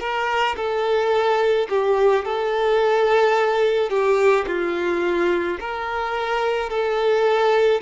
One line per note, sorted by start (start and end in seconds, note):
0.00 0.56 A#4
0.57 1.68 A4
1.69 2.25 G4
2.25 3.90 A4
3.90 4.45 G4
4.47 5.58 F4
5.60 6.70 A#4
6.70 7.81 A4